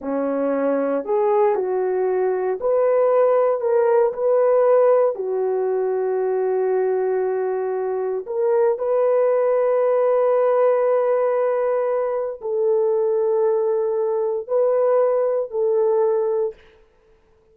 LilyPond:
\new Staff \with { instrumentName = "horn" } { \time 4/4 \tempo 4 = 116 cis'2 gis'4 fis'4~ | fis'4 b'2 ais'4 | b'2 fis'2~ | fis'1 |
ais'4 b'2.~ | b'1 | a'1 | b'2 a'2 | }